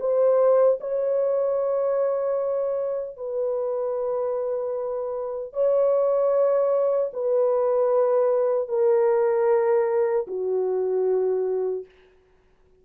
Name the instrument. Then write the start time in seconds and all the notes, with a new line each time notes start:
horn
0.00 C5
0.80 C#5
3.17 B4
5.53 C#5
7.13 B4
8.68 A#4
10.27 F#4